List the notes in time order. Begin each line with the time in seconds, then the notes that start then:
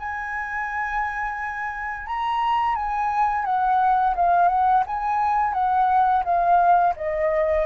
0.00 G#5
2.07 A#5
2.76 G#5
3.45 F#5
4.16 F5
4.49 F#5
4.87 G#5
5.54 F#5
6.25 F5
6.97 D#5